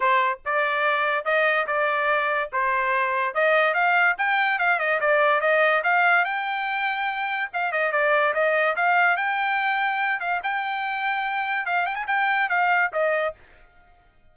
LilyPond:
\new Staff \with { instrumentName = "trumpet" } { \time 4/4 \tempo 4 = 144 c''4 d''2 dis''4 | d''2 c''2 | dis''4 f''4 g''4 f''8 dis''8 | d''4 dis''4 f''4 g''4~ |
g''2 f''8 dis''8 d''4 | dis''4 f''4 g''2~ | g''8 f''8 g''2. | f''8 g''16 gis''16 g''4 f''4 dis''4 | }